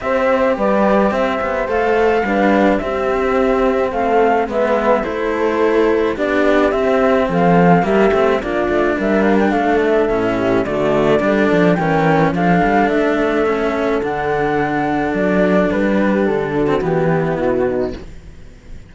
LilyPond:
<<
  \new Staff \with { instrumentName = "flute" } { \time 4/4 \tempo 4 = 107 e''4 d''4 e''4 f''4~ | f''4 e''2 f''4 | e''4 c''2 d''4 | e''4 f''4 e''4 d''4 |
e''8 f''16 g''16 f''8 e''4. d''4~ | d''4 g''4 f''4 e''4~ | e''4 fis''2 d''4 | b'4 a'4 g'4 fis'4 | }
  \new Staff \with { instrumentName = "horn" } { \time 4/4 c''4 b'4 c''2 | b'4 g'2 a'4 | b'4 a'2 g'4~ | g'4 a'4 g'4 f'4 |
ais'4 a'4. g'8 fis'4 | a'4 ais'4 a'2~ | a'1~ | a'8 g'4 fis'4 e'4 dis'8 | }
  \new Staff \with { instrumentName = "cello" } { \time 4/4 g'2. a'4 | d'4 c'2. | b4 e'2 d'4 | c'2 ais8 c'8 d'4~ |
d'2 cis'4 a4 | d'4 cis'4 d'2 | cis'4 d'2.~ | d'4.~ d'16 c'16 b2 | }
  \new Staff \with { instrumentName = "cello" } { \time 4/4 c'4 g4 c'8 b8 a4 | g4 c'2 a4 | gis4 a2 b4 | c'4 f4 g8 a8 ais8 a8 |
g4 a4 a,4 d4 | g8 f8 e4 f8 g8 a4~ | a4 d2 fis4 | g4 d4 e4 b,4 | }
>>